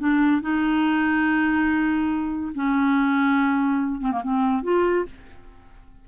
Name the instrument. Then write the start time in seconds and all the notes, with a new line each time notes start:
clarinet
0.00 D4
0.42 D#4
2.55 C#4
4.01 C4
4.12 A#3
4.24 C4
4.63 F4